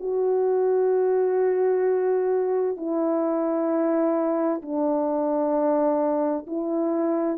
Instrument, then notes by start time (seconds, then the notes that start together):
horn
0.00 F#4
2.77 E4
4.62 D4
6.47 E4